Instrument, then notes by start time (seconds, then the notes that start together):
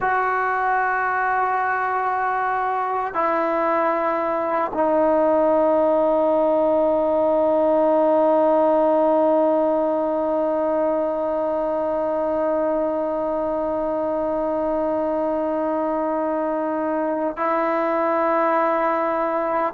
trombone
0.00 F#4
3.14 E4
4.73 D#4
17.36 E4